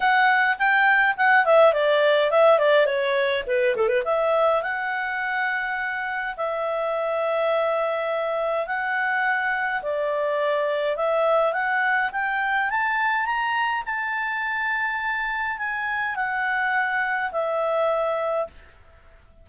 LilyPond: \new Staff \with { instrumentName = "clarinet" } { \time 4/4 \tempo 4 = 104 fis''4 g''4 fis''8 e''8 d''4 | e''8 d''8 cis''4 b'8 a'16 b'16 e''4 | fis''2. e''4~ | e''2. fis''4~ |
fis''4 d''2 e''4 | fis''4 g''4 a''4 ais''4 | a''2. gis''4 | fis''2 e''2 | }